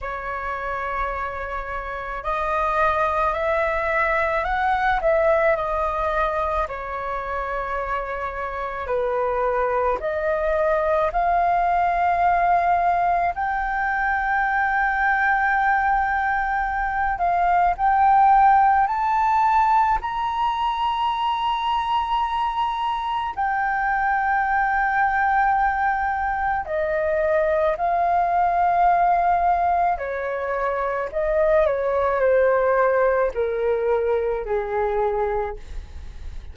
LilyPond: \new Staff \with { instrumentName = "flute" } { \time 4/4 \tempo 4 = 54 cis''2 dis''4 e''4 | fis''8 e''8 dis''4 cis''2 | b'4 dis''4 f''2 | g''2.~ g''8 f''8 |
g''4 a''4 ais''2~ | ais''4 g''2. | dis''4 f''2 cis''4 | dis''8 cis''8 c''4 ais'4 gis'4 | }